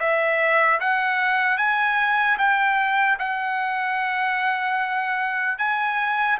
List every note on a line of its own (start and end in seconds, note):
0.00 0.80 E5
0.80 1.58 F#5
1.58 2.37 G#5
2.38 3.18 G5
3.19 5.58 F#5
5.58 6.38 G#5